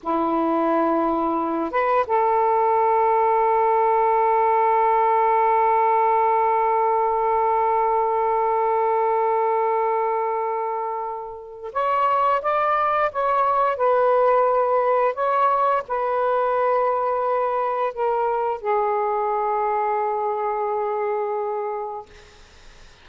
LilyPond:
\new Staff \with { instrumentName = "saxophone" } { \time 4/4 \tempo 4 = 87 e'2~ e'8 b'8 a'4~ | a'1~ | a'1~ | a'1~ |
a'4 cis''4 d''4 cis''4 | b'2 cis''4 b'4~ | b'2 ais'4 gis'4~ | gis'1 | }